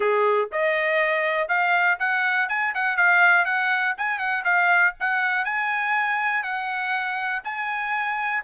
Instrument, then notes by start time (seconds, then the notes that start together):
trumpet
0.00 G#4
0.52 D#5
1.48 F5
1.99 F#5
2.48 G#5
2.74 F#5
2.96 F5
3.45 F#5
3.97 G#5
4.19 F#5
4.44 F5
5.00 F#5
5.44 G#5
6.43 F#5
7.44 G#5